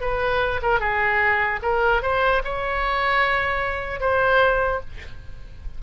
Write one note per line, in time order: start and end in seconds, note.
0.00 0.60 B4
0.62 0.79 A#4
0.79 1.59 G#4
1.62 2.02 A#4
2.02 2.42 C5
2.44 4.00 C#5
4.00 4.80 C5